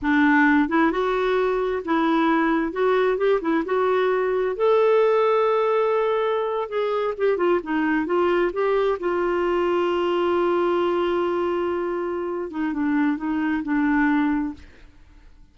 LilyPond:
\new Staff \with { instrumentName = "clarinet" } { \time 4/4 \tempo 4 = 132 d'4. e'8 fis'2 | e'2 fis'4 g'8 e'8 | fis'2 a'2~ | a'2~ a'8. gis'4 g'16~ |
g'16 f'8 dis'4 f'4 g'4 f'16~ | f'1~ | f'2.~ f'8 dis'8 | d'4 dis'4 d'2 | }